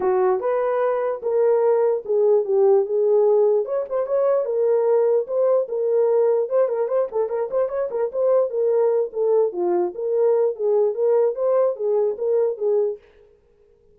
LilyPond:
\new Staff \with { instrumentName = "horn" } { \time 4/4 \tempo 4 = 148 fis'4 b'2 ais'4~ | ais'4 gis'4 g'4 gis'4~ | gis'4 cis''8 c''8 cis''4 ais'4~ | ais'4 c''4 ais'2 |
c''8 ais'8 c''8 a'8 ais'8 c''8 cis''8 ais'8 | c''4 ais'4. a'4 f'8~ | f'8 ais'4. gis'4 ais'4 | c''4 gis'4 ais'4 gis'4 | }